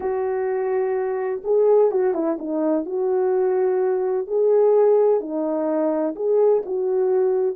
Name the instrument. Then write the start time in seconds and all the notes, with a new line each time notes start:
horn
0.00 F#4
1.43 G#4
1.91 F#4
2.13 E4
2.38 D#4
2.85 F#4
4.27 G#4
5.20 D#4
6.15 G#4
6.65 F#4